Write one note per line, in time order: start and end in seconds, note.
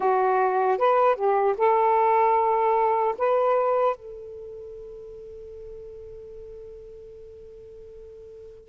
0.00 0.78 F#4
0.78 1.15 B4
1.15 1.55 G4
1.57 3.15 A4
3.18 3.95 B4
3.95 8.68 A4